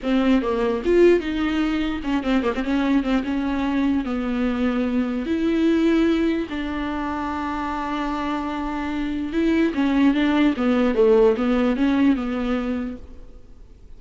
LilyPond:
\new Staff \with { instrumentName = "viola" } { \time 4/4 \tempo 4 = 148 c'4 ais4 f'4 dis'4~ | dis'4 cis'8 c'8 ais16 c'16 cis'4 c'8 | cis'2 b2~ | b4 e'2. |
d'1~ | d'2. e'4 | cis'4 d'4 b4 a4 | b4 cis'4 b2 | }